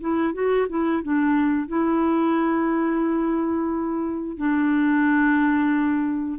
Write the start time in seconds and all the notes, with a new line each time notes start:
0.00 E4
0.33 F#4
0.69 E4
1.02 D4
1.67 E4
4.37 D4